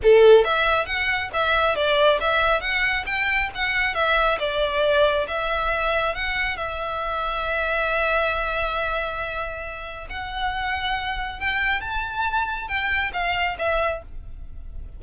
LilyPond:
\new Staff \with { instrumentName = "violin" } { \time 4/4 \tempo 4 = 137 a'4 e''4 fis''4 e''4 | d''4 e''4 fis''4 g''4 | fis''4 e''4 d''2 | e''2 fis''4 e''4~ |
e''1~ | e''2. fis''4~ | fis''2 g''4 a''4~ | a''4 g''4 f''4 e''4 | }